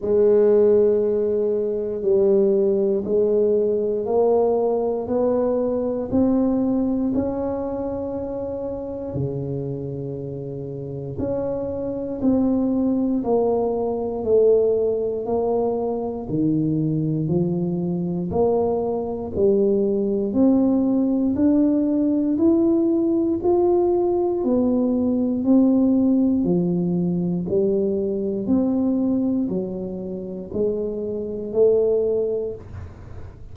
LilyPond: \new Staff \with { instrumentName = "tuba" } { \time 4/4 \tempo 4 = 59 gis2 g4 gis4 | ais4 b4 c'4 cis'4~ | cis'4 cis2 cis'4 | c'4 ais4 a4 ais4 |
dis4 f4 ais4 g4 | c'4 d'4 e'4 f'4 | b4 c'4 f4 g4 | c'4 fis4 gis4 a4 | }